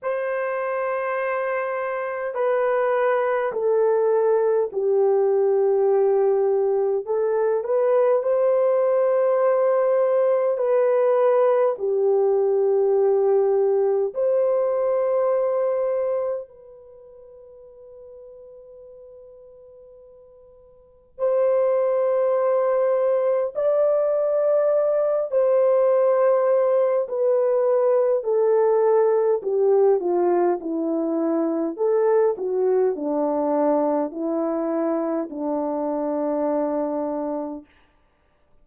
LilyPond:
\new Staff \with { instrumentName = "horn" } { \time 4/4 \tempo 4 = 51 c''2 b'4 a'4 | g'2 a'8 b'8 c''4~ | c''4 b'4 g'2 | c''2 b'2~ |
b'2 c''2 | d''4. c''4. b'4 | a'4 g'8 f'8 e'4 a'8 fis'8 | d'4 e'4 d'2 | }